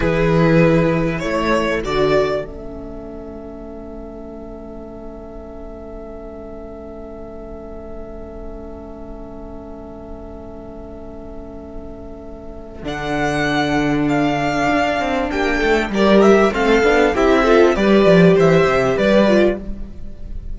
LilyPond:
<<
  \new Staff \with { instrumentName = "violin" } { \time 4/4 \tempo 4 = 98 b'2 cis''4 d''4 | e''1~ | e''1~ | e''1~ |
e''1~ | e''4 fis''2 f''4~ | f''4 g''4 d''8 e''8 f''4 | e''4 d''4 e''4 d''4 | }
  \new Staff \with { instrumentName = "violin" } { \time 4/4 gis'2 a'2~ | a'1~ | a'1~ | a'1~ |
a'1~ | a'1~ | a'4 g'8 a'8 ais'4 a'4 | g'8 a'8 b'4 c''4 b'4 | }
  \new Staff \with { instrumentName = "viola" } { \time 4/4 e'2. fis'4 | cis'1~ | cis'1~ | cis'1~ |
cis'1~ | cis'4 d'2.~ | d'2 g'4 c'8 d'8 | e'8 f'8 g'2~ g'8 f'8 | }
  \new Staff \with { instrumentName = "cello" } { \time 4/4 e2 a4 d4 | a1~ | a1~ | a1~ |
a1~ | a4 d2. | d'8 c'8 ais8 a8 g4 a8 b8 | c'4 g8 f8 e8 c8 g4 | }
>>